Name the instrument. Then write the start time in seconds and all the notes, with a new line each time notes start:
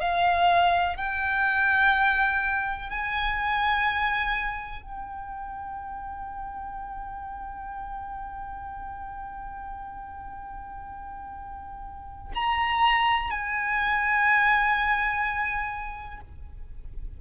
violin
0.00 F5
0.96 G5
2.89 G#5
4.82 G5
12.34 A#5
13.30 G#5